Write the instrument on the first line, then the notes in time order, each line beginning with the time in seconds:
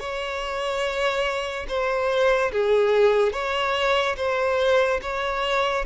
violin
0.00 C#5
1.69 C5
2.52 G#4
3.33 C#5
4.17 C5
5.02 C#5